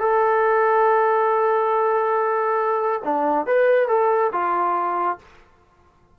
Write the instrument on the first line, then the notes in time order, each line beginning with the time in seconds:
trombone
0.00 A4
3.05 D4
3.47 B4
3.89 A4
4.33 F4